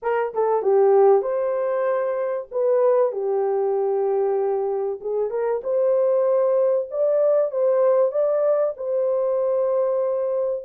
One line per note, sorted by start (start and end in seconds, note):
0.02 0.33 A#4
0.34 0.62 A4
0.62 1.22 G4
1.22 2.47 C5
2.51 3.12 B4
3.12 4.99 G4
5.00 5.30 G#4
5.30 5.61 A#4
5.63 6.88 C5
6.91 7.51 D5
7.51 8.11 C5
8.11 8.74 D5
8.76 10.64 C5